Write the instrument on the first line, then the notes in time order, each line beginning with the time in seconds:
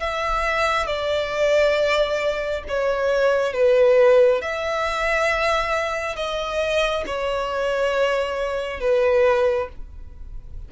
violin
0.00 E5
0.87 D5
2.68 C#5
3.53 B4
4.42 E5
6.16 D#5
7.06 C#5
8.80 B4